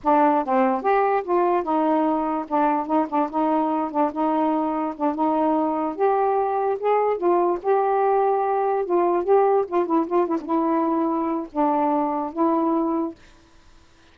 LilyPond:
\new Staff \with { instrumentName = "saxophone" } { \time 4/4 \tempo 4 = 146 d'4 c'4 g'4 f'4 | dis'2 d'4 dis'8 d'8 | dis'4. d'8 dis'2 | d'8 dis'2 g'4.~ |
g'8 gis'4 f'4 g'4.~ | g'4. f'4 g'4 f'8 | e'8 f'8 e'16 d'16 e'2~ e'8 | d'2 e'2 | }